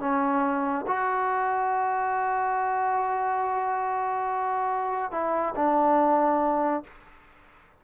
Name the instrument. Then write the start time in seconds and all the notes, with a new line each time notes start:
trombone
0.00 C#4
0.87 F#4
5.12 E4
5.56 D4